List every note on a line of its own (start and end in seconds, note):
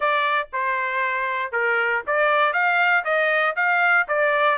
0.00 0.48 D5
0.52 1.52 C5
1.52 2.02 A#4
2.06 2.53 D5
2.53 3.04 F5
3.04 3.55 D#5
3.56 4.07 F5
4.07 4.58 D5